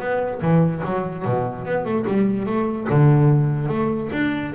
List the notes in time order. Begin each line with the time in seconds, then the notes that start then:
0.00 B3
0.42 E3
0.85 F#3
1.25 B2
1.66 B3
1.85 A3
2.08 G3
2.47 A3
2.90 D3
3.69 A3
4.13 D4